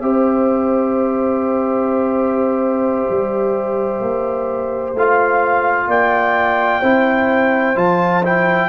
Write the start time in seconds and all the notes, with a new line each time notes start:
0.00 C4 G4 C5 E5
3.09 G3
4.00 A#3
4.94 A3 F4 F5
5.87 A#3 D5 G5
6.80 C4 E4 C5
7.76 F3 F4 A5
8.24 E4 G5